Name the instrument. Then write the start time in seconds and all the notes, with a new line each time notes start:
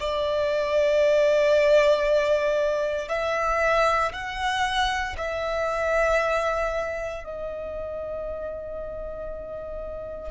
violin
0.00 D5
3.09 E5
4.13 F#5
5.18 E5
7.25 D#5